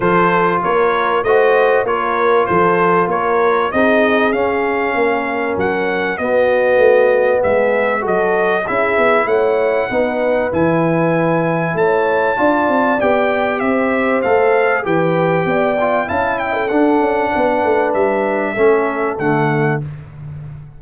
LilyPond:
<<
  \new Staff \with { instrumentName = "trumpet" } { \time 4/4 \tempo 4 = 97 c''4 cis''4 dis''4 cis''4 | c''4 cis''4 dis''4 f''4~ | f''4 fis''4 dis''2 | e''4 dis''4 e''4 fis''4~ |
fis''4 gis''2 a''4~ | a''4 g''4 e''4 f''4 | g''2 a''8 g''8 fis''4~ | fis''4 e''2 fis''4 | }
  \new Staff \with { instrumentName = "horn" } { \time 4/4 a'4 ais'4 c''4 ais'4 | a'4 ais'4 gis'2 | ais'2 fis'2 | gis'4 a'4 gis'4 cis''4 |
b'2. cis''4 | d''2 c''2 | b'4 d''4 f''8 e''16 a'4~ a'16 | b'2 a'2 | }
  \new Staff \with { instrumentName = "trombone" } { \time 4/4 f'2 fis'4 f'4~ | f'2 dis'4 cis'4~ | cis'2 b2~ | b4 fis'4 e'2 |
dis'4 e'2. | f'4 g'2 a'4 | g'4. f'8 e'4 d'4~ | d'2 cis'4 a4 | }
  \new Staff \with { instrumentName = "tuba" } { \time 4/4 f4 ais4 a4 ais4 | f4 ais4 c'4 cis'4 | ais4 fis4 b4 a4 | gis4 fis4 cis'8 b8 a4 |
b4 e2 a4 | d'8 c'8 b4 c'4 a4 | e4 b4 cis'4 d'8 cis'8 | b8 a8 g4 a4 d4 | }
>>